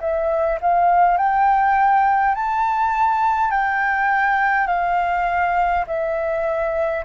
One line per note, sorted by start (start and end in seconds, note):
0.00 0.59 E5
0.61 1.17 F5
1.17 2.35 G5
2.35 3.50 A5
3.50 4.67 G5
4.67 5.84 F5
5.87 7.04 E5